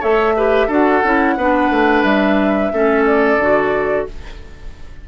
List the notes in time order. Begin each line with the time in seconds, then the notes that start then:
0.00 A3 A4 C#5 E5
0.37 G4 B4
0.67 D4 F#4 A4 F#5
1.04 C#4 E4
1.37 B3 D4 B4
1.70 A3
2.04 G3 E5
2.73 A3 C#4 A4
3.05 D5
3.37 D3 F#4